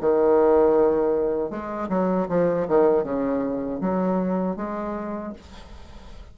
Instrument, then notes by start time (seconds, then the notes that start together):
bassoon
0.00 D#3
1.50 G#3
1.89 F#3
2.28 F3
2.67 D#3
3.03 C#3
3.80 F#3
4.56 G#3